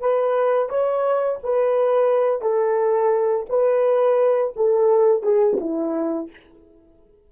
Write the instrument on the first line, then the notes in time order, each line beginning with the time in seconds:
horn
0.00 B4
0.69 C#5
1.43 B4
2.42 A4
3.49 B4
4.56 A4
5.23 G#4
5.60 E4